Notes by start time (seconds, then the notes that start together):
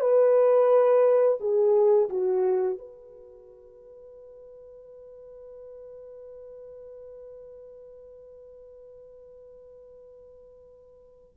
0.00 B4
1.40 G#4
2.09 F#4
2.78 B4